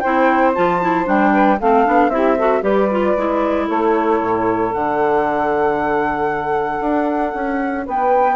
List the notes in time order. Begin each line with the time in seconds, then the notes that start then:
0.00 C4 E4 C5 G5
0.55 F3 F4 A5
0.82 E4
1.06 G3 D4 G5
1.33 B4
1.60 A3 C4 A4 F5
1.86 B3 D4
2.09 C4 E4 G4 E5
2.37 F#4 A4
2.62 G3 G4 B4 D5
2.92 F4
3.17 G#3 E4
3.67 A3 A4 C#5
4.21 A2
4.73 D3 D4 F#5
6.81 D4
7.35 C#4
7.86 B3 B4 G5